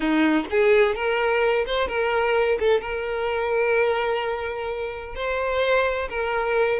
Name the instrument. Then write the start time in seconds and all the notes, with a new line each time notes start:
violin
0.00 D#4
0.50 G#4
0.95 A#4
1.66 C5
1.87 A#4
2.59 A4
2.81 A#4
5.15 C5
6.09 A#4